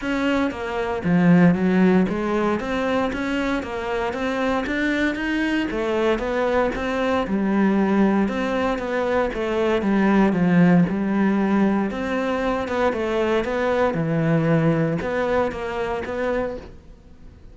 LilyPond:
\new Staff \with { instrumentName = "cello" } { \time 4/4 \tempo 4 = 116 cis'4 ais4 f4 fis4 | gis4 c'4 cis'4 ais4 | c'4 d'4 dis'4 a4 | b4 c'4 g2 |
c'4 b4 a4 g4 | f4 g2 c'4~ | c'8 b8 a4 b4 e4~ | e4 b4 ais4 b4 | }